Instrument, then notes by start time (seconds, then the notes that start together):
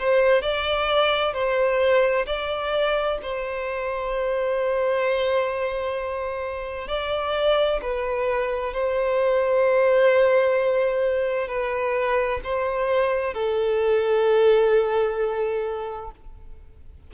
violin
0.00 C5
0.42 D5
1.34 C5
2.27 D5
3.23 C5
6.89 D5
7.82 B4
8.74 C5
11.48 B4
12.44 C5
13.34 A4